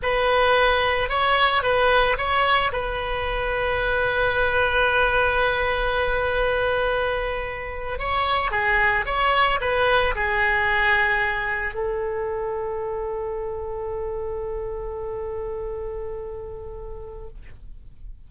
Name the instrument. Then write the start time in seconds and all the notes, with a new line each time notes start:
oboe
0.02 B4
1.09 C#5
1.62 B4
2.17 C#5
2.72 B4
7.99 C#5
8.51 G#4
9.05 C#5
9.60 B4
10.15 G#4
11.74 A4